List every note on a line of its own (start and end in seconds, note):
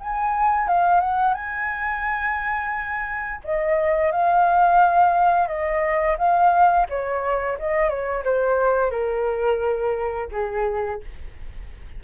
0.00 0.67 G#5
0.67 1.00 F5
1.00 1.34 F#5
1.34 3.41 G#5
3.44 4.12 D#5
4.12 5.48 F5
5.48 6.17 D#5
6.18 6.87 F5
6.89 7.58 C#5
7.59 7.89 D#5
7.89 8.24 C#5
8.24 8.91 C5
8.91 10.29 A#4
10.32 11.01 G#4